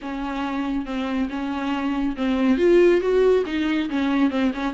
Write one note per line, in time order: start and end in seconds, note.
0.01 0.85 C#4
0.85 1.28 C4
1.29 2.16 C#4
2.16 2.57 C4
2.57 3.00 F4
3.00 3.44 F#4
3.46 3.89 D#4
3.89 4.30 C#4
4.30 4.51 C4
4.53 4.74 C#4